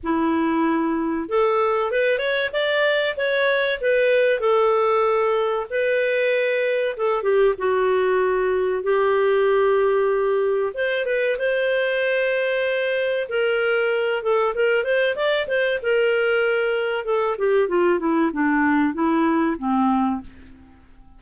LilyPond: \new Staff \with { instrumentName = "clarinet" } { \time 4/4 \tempo 4 = 95 e'2 a'4 b'8 cis''8 | d''4 cis''4 b'4 a'4~ | a'4 b'2 a'8 g'8 | fis'2 g'2~ |
g'4 c''8 b'8 c''2~ | c''4 ais'4. a'8 ais'8 c''8 | d''8 c''8 ais'2 a'8 g'8 | f'8 e'8 d'4 e'4 c'4 | }